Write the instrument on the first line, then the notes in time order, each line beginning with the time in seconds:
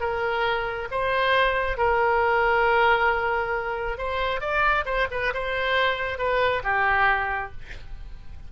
oboe
0.00 A#4
0.91 C5
1.77 A#4
3.98 C5
4.40 D5
4.85 C5
5.11 B4
5.34 C5
6.18 B4
6.63 G4